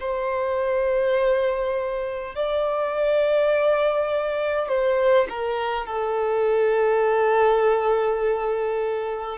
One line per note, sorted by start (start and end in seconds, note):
0.00 2.35 C5
2.35 4.68 D5
4.68 5.27 C5
5.29 5.86 A#4
5.86 9.38 A4